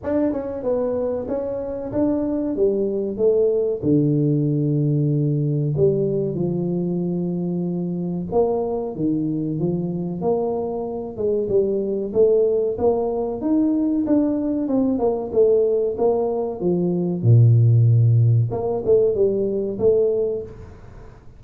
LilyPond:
\new Staff \with { instrumentName = "tuba" } { \time 4/4 \tempo 4 = 94 d'8 cis'8 b4 cis'4 d'4 | g4 a4 d2~ | d4 g4 f2~ | f4 ais4 dis4 f4 |
ais4. gis8 g4 a4 | ais4 dis'4 d'4 c'8 ais8 | a4 ais4 f4 ais,4~ | ais,4 ais8 a8 g4 a4 | }